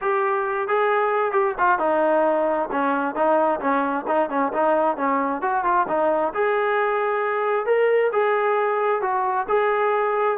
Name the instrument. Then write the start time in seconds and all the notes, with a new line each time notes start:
trombone
0.01 G4
0.68 G#4
1.32 G4
1.58 F4
1.79 D#4
2.71 C#4
3.15 D#4
3.60 C#4
4.07 D#4
4.29 C#4
4.52 D#4
4.96 C#4
5.41 F#4
5.64 F4
5.87 D#4
6.34 G#4
7.66 A#4
8.12 G#4
9.01 F#4
9.48 G#4